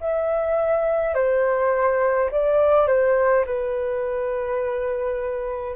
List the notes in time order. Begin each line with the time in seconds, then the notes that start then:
0.00 E5
1.14 C5
2.31 D5
2.87 C5
3.46 B4